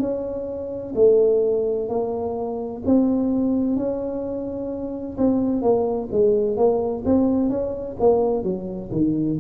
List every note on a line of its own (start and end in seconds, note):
0.00 0.94 C#4
0.95 1.89 A3
1.89 2.83 A#3
2.85 3.76 C4
3.76 5.17 C#4
5.17 5.62 C4
5.62 6.09 A#3
6.12 6.57 G#3
6.57 7.04 A#3
7.05 7.50 C4
7.50 7.96 C#4
7.99 8.43 A#3
8.43 8.90 F#3
8.91 9.38 D#3